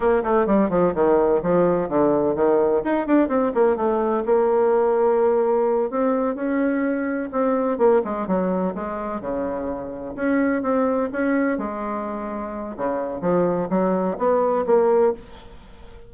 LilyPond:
\new Staff \with { instrumentName = "bassoon" } { \time 4/4 \tempo 4 = 127 ais8 a8 g8 f8 dis4 f4 | d4 dis4 dis'8 d'8 c'8 ais8 | a4 ais2.~ | ais8 c'4 cis'2 c'8~ |
c'8 ais8 gis8 fis4 gis4 cis8~ | cis4. cis'4 c'4 cis'8~ | cis'8 gis2~ gis8 cis4 | f4 fis4 b4 ais4 | }